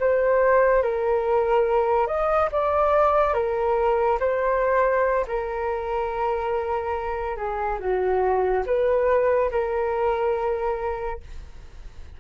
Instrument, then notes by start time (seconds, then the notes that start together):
flute
0.00 C5
0.83 A#4
2.07 D#5
2.52 D5
3.34 A#4
4.20 C5
5.28 A#4
7.37 G#4
7.79 F#4
8.67 B4
9.51 A#4